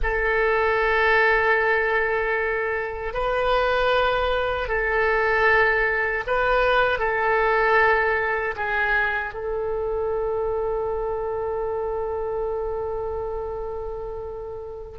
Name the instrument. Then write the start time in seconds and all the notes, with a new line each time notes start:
oboe
0.02 A4
3.13 B4
4.68 A4
6.26 B4
6.98 A4
8.56 G#4
9.33 A4